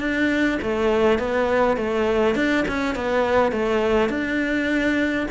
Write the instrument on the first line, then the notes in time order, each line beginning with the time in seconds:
cello
0.00 D4
0.62 A3
1.19 B3
1.77 A3
2.36 D4
2.68 C#4
2.95 B3
3.52 A3
4.09 D4